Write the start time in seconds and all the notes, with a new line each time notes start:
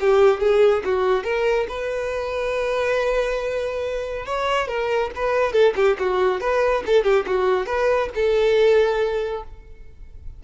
0.00 G4
0.40 G#4
0.85 F#4
1.24 A#4
1.68 B4
4.26 C#5
4.68 A#4
5.15 B4
5.52 A4
5.76 G4
5.99 F#4
6.41 B4
6.86 A4
7.04 G4
7.26 F#4
7.66 B4
8.15 A4